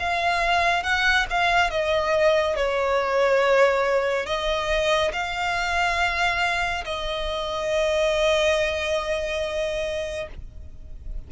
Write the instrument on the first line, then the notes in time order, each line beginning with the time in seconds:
violin
0.00 F5
0.83 F#5
1.30 F5
1.71 D#5
2.56 C#5
4.26 D#5
5.13 F5
6.85 D#5